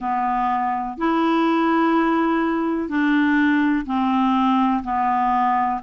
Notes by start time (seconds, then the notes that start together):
0.00 B3
0.97 E4
2.88 D4
3.85 C4
4.83 B3